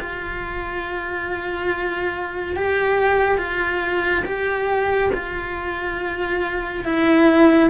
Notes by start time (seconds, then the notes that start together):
0.00 F4
2.56 G4
3.37 F4
4.25 G4
5.14 F4
6.84 E4